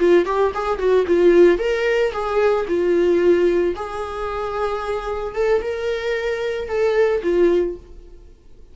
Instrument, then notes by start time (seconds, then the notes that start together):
viola
0.00 F4
0.26 G4
0.55 G#4
0.79 F#4
1.08 F4
1.59 A#4
2.13 G#4
2.68 F4
3.76 G#4
5.35 A4
5.62 A#4
6.69 A4
7.23 F4